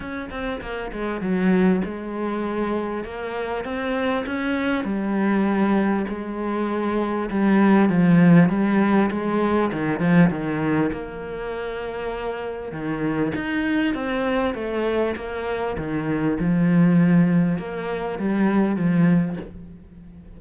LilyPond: \new Staff \with { instrumentName = "cello" } { \time 4/4 \tempo 4 = 99 cis'8 c'8 ais8 gis8 fis4 gis4~ | gis4 ais4 c'4 cis'4 | g2 gis2 | g4 f4 g4 gis4 |
dis8 f8 dis4 ais2~ | ais4 dis4 dis'4 c'4 | a4 ais4 dis4 f4~ | f4 ais4 g4 f4 | }